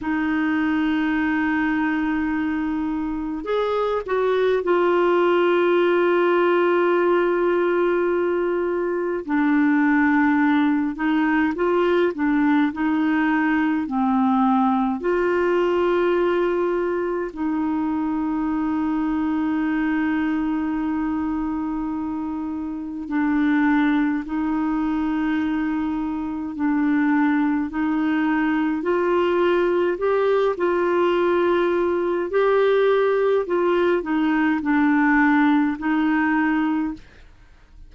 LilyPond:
\new Staff \with { instrumentName = "clarinet" } { \time 4/4 \tempo 4 = 52 dis'2. gis'8 fis'8 | f'1 | d'4. dis'8 f'8 d'8 dis'4 | c'4 f'2 dis'4~ |
dis'1 | d'4 dis'2 d'4 | dis'4 f'4 g'8 f'4. | g'4 f'8 dis'8 d'4 dis'4 | }